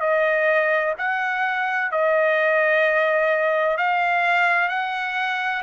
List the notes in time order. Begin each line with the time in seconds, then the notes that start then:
0.00 D#5
0.98 F#5
1.91 D#5
3.77 F5
4.69 F#5